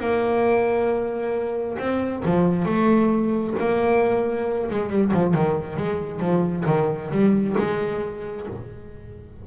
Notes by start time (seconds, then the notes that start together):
0.00 A#3
1.79 C4
2.25 F3
2.66 A3
3.59 A#3
4.70 G#3
4.90 G3
5.14 F3
5.35 D#3
5.77 G#3
6.20 F3
6.66 D#3
7.11 G3
7.58 G#3